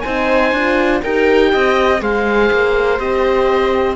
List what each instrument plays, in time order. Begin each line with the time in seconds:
0.00 cello C4, horn D#4, viola C5, oboe G#5
0.52 cello D4, horn F4
1.02 cello D#4, horn G4, viola A#4, oboe G5
1.52 cello C4, viola D#5
2.00 cello G#3, horn G#4, viola C5, oboe F5
2.51 cello A#3
2.98 cello C4, horn G4, oboe D#5